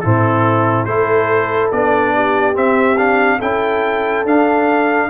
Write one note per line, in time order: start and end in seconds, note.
0.00 0.86 A2
0.00 0.87 C4
0.00 0.87 E4
0.00 0.85 A4
0.85 1.70 A3
0.85 1.72 E4
0.85 2.14 A4
0.85 1.69 C5
1.71 2.56 B3
1.71 2.54 D4
1.71 2.56 D5
2.14 3.38 G4
2.54 2.96 C4
2.54 3.40 C4
2.54 2.97 E5
2.97 3.39 D4
2.97 3.40 F5
3.38 4.24 C#4
3.38 4.26 E4
3.38 5.07 A4
3.38 4.26 G5
4.24 5.09 D4
4.24 5.09 F5